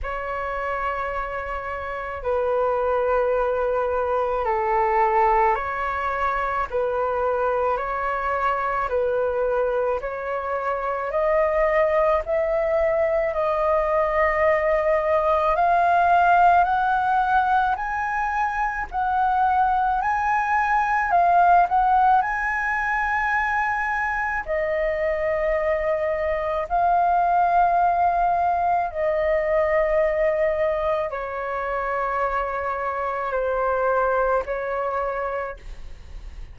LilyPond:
\new Staff \with { instrumentName = "flute" } { \time 4/4 \tempo 4 = 54 cis''2 b'2 | a'4 cis''4 b'4 cis''4 | b'4 cis''4 dis''4 e''4 | dis''2 f''4 fis''4 |
gis''4 fis''4 gis''4 f''8 fis''8 | gis''2 dis''2 | f''2 dis''2 | cis''2 c''4 cis''4 | }